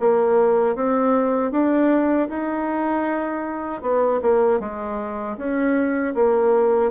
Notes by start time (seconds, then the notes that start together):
0.00 A#3
0.76 C4
1.52 D4
2.29 D#4
3.82 B3
4.22 A#3
4.60 G#3
5.38 C#4
6.15 A#3